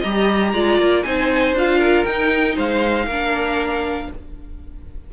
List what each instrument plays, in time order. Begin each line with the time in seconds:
0.00 cello G3, viola G4, violin D#5 A#5
0.54 cello G#3, viola F4, violin D5
0.78 cello A#3
1.03 cello C4, viola D#4, violin C5 G#5
1.53 cello D4, viola F4, violin F5
1.79 violin A#4
2.05 cello D#4, viola D#4, violin G5
2.55 cello G#3, violin C5 F5
3.06 cello A#3, viola D4, violin A#4